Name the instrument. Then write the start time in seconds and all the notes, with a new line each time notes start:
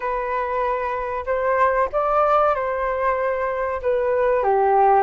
flute
0.00 B4
1.25 C5
1.92 D5
2.54 C5
3.82 B4
4.43 G4